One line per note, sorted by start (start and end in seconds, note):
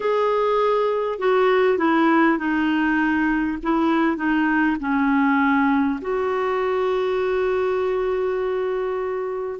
0.00 1.18 G#4
1.18 1.78 F#4
1.78 2.37 E4
2.37 3.57 D#4
3.62 4.17 E4
4.17 4.77 D#4
4.80 6.00 C#4
6.01 9.59 F#4